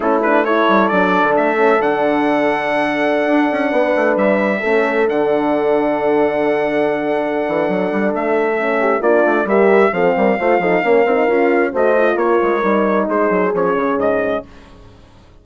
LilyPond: <<
  \new Staff \with { instrumentName = "trumpet" } { \time 4/4 \tempo 4 = 133 a'8 b'8 cis''4 d''4 e''4 | fis''1~ | fis''4~ fis''16 e''2 fis''8.~ | fis''1~ |
fis''2 e''2 | d''4 e''4 f''2~ | f''2 dis''4 cis''4~ | cis''4 c''4 cis''4 dis''4 | }
  \new Staff \with { instrumentName = "horn" } { \time 4/4 e'4 a'2.~ | a'1~ | a'16 b'2 a'4.~ a'16~ | a'1~ |
a'2.~ a'8 g'8 | f'4 ais'4 a'8 ais'8 c''8 a'8 | ais'2 c''4 ais'4~ | ais'4 gis'2. | }
  \new Staff \with { instrumentName = "horn" } { \time 4/4 cis'8 d'8 e'4 d'4. cis'8 | d'1~ | d'2~ d'16 cis'4 d'8.~ | d'1~ |
d'2. cis'4 | d'4 g'4 c'4 f'8 dis'8 | cis'8 dis'8 f'4 fis'8 f'4. | dis'2 cis'2 | }
  \new Staff \with { instrumentName = "bassoon" } { \time 4/4 a4. g8 fis8. d16 a4 | d2.~ d16 d'8 cis'16~ | cis'16 b8 a8 g4 a4 d8.~ | d1~ |
d8 e8 fis8 g8 a2 | ais8 a8 g4 f8 g8 a8 f8 | ais8 c'8 cis'4 a4 ais8 gis8 | g4 gis8 fis8 f8 cis8 gis,4 | }
>>